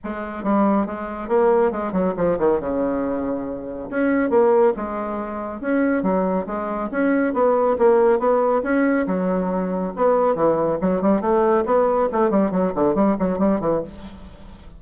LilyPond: \new Staff \with { instrumentName = "bassoon" } { \time 4/4 \tempo 4 = 139 gis4 g4 gis4 ais4 | gis8 fis8 f8 dis8 cis2~ | cis4 cis'4 ais4 gis4~ | gis4 cis'4 fis4 gis4 |
cis'4 b4 ais4 b4 | cis'4 fis2 b4 | e4 fis8 g8 a4 b4 | a8 g8 fis8 d8 g8 fis8 g8 e8 | }